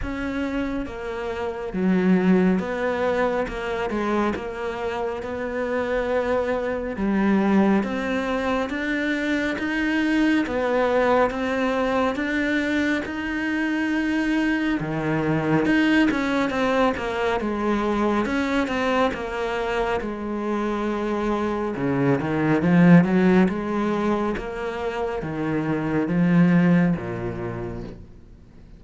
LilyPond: \new Staff \with { instrumentName = "cello" } { \time 4/4 \tempo 4 = 69 cis'4 ais4 fis4 b4 | ais8 gis8 ais4 b2 | g4 c'4 d'4 dis'4 | b4 c'4 d'4 dis'4~ |
dis'4 dis4 dis'8 cis'8 c'8 ais8 | gis4 cis'8 c'8 ais4 gis4~ | gis4 cis8 dis8 f8 fis8 gis4 | ais4 dis4 f4 ais,4 | }